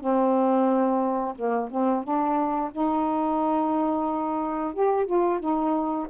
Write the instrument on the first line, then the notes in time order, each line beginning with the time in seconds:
saxophone
0.00 C4
1.35 A#3
1.70 C4
2.03 D4
2.72 D#4
4.74 G4
5.06 F4
5.40 D#4